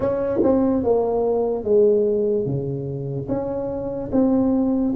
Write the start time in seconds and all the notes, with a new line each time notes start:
0.00 C#4
0.43 C4
0.83 A#3
1.64 G#3
2.45 C#3
3.28 C#4
4.11 C4